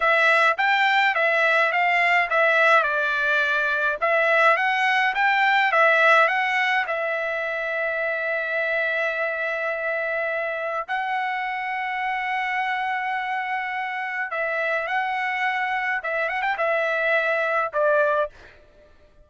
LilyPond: \new Staff \with { instrumentName = "trumpet" } { \time 4/4 \tempo 4 = 105 e''4 g''4 e''4 f''4 | e''4 d''2 e''4 | fis''4 g''4 e''4 fis''4 | e''1~ |
e''2. fis''4~ | fis''1~ | fis''4 e''4 fis''2 | e''8 fis''16 g''16 e''2 d''4 | }